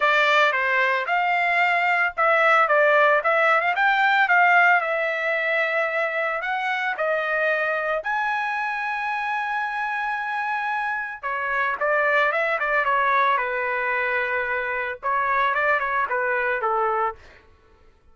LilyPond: \new Staff \with { instrumentName = "trumpet" } { \time 4/4 \tempo 4 = 112 d''4 c''4 f''2 | e''4 d''4 e''8. f''16 g''4 | f''4 e''2. | fis''4 dis''2 gis''4~ |
gis''1~ | gis''4 cis''4 d''4 e''8 d''8 | cis''4 b'2. | cis''4 d''8 cis''8 b'4 a'4 | }